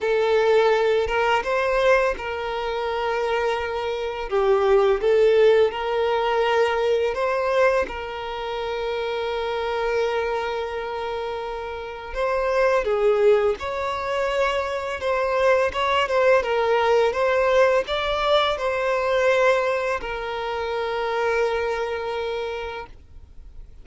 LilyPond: \new Staff \with { instrumentName = "violin" } { \time 4/4 \tempo 4 = 84 a'4. ais'8 c''4 ais'4~ | ais'2 g'4 a'4 | ais'2 c''4 ais'4~ | ais'1~ |
ais'4 c''4 gis'4 cis''4~ | cis''4 c''4 cis''8 c''8 ais'4 | c''4 d''4 c''2 | ais'1 | }